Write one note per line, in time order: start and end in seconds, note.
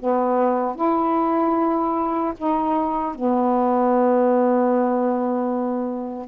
0.00 0.76 B3
0.76 2.34 E4
2.38 3.15 D#4
3.15 6.28 B3